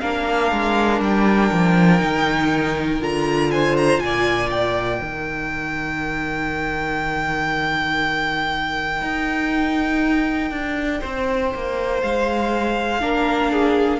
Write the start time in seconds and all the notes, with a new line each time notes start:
0.00 A#3 D4 A#4 F5
0.52 G#3
1.01 G3 G5
1.52 F3
2.00 D#3 D#4
3.01 D3 F4 A#5
3.51 C5 G#5
3.77 A#5
4.00 A#2 D5 G#5
4.51 G5
4.99 D#3 D#4 A#4
9.02 D#4
10.51 D4
11.01 C4 C5
11.55 A#3
12.03 G#3 F5
13.01 A#3 D4 A#4
13.53 G#4